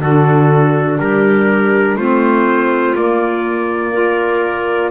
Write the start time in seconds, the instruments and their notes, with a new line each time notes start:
0.00 double bass D3, saxophone D4, clarinet F#4, trumpet A4
0.99 double bass G3, clarinet G4, trumpet A#4
1.95 double bass A3, saxophone C4, clarinet F4, trumpet C5
2.95 double bass A#3, saxophone A#3, trumpet D5
3.92 saxophone F4, clarinet A#4